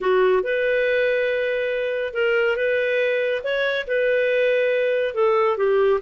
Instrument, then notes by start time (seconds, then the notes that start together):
clarinet
0.00 F#4
0.43 B4
2.13 A#4
2.56 B4
3.43 C#5
3.87 B4
5.14 A4
5.57 G4